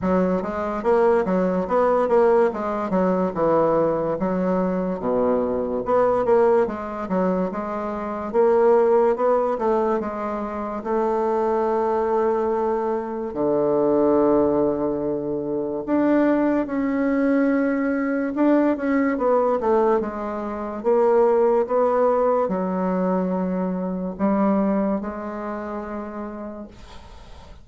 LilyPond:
\new Staff \with { instrumentName = "bassoon" } { \time 4/4 \tempo 4 = 72 fis8 gis8 ais8 fis8 b8 ais8 gis8 fis8 | e4 fis4 b,4 b8 ais8 | gis8 fis8 gis4 ais4 b8 a8 | gis4 a2. |
d2. d'4 | cis'2 d'8 cis'8 b8 a8 | gis4 ais4 b4 fis4~ | fis4 g4 gis2 | }